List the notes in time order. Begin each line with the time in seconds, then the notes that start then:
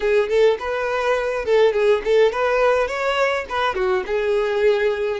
0.00 G#4
0.29 A4
0.59 B4
1.45 A4
1.73 G#4
2.04 A4
2.32 B4
2.87 C#5
3.49 B4
3.74 F#4
4.06 G#4